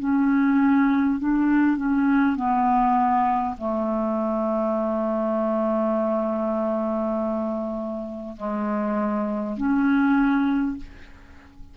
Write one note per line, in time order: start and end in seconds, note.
0.00 1.20 C#4
1.20 1.77 D4
1.77 2.36 C#4
2.36 3.56 B3
3.58 8.37 A3
8.37 9.57 G#3
9.58 10.78 C#4